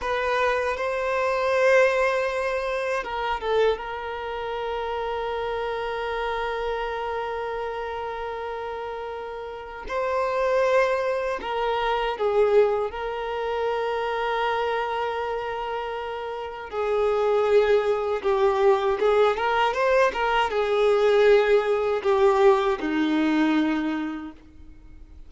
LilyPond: \new Staff \with { instrumentName = "violin" } { \time 4/4 \tempo 4 = 79 b'4 c''2. | ais'8 a'8 ais'2.~ | ais'1~ | ais'4 c''2 ais'4 |
gis'4 ais'2.~ | ais'2 gis'2 | g'4 gis'8 ais'8 c''8 ais'8 gis'4~ | gis'4 g'4 dis'2 | }